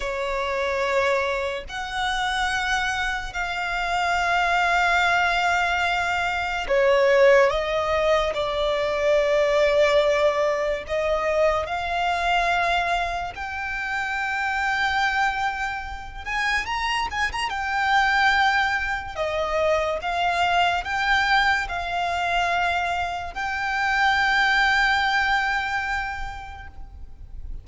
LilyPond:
\new Staff \with { instrumentName = "violin" } { \time 4/4 \tempo 4 = 72 cis''2 fis''2 | f''1 | cis''4 dis''4 d''2~ | d''4 dis''4 f''2 |
g''2.~ g''8 gis''8 | ais''8 gis''16 ais''16 g''2 dis''4 | f''4 g''4 f''2 | g''1 | }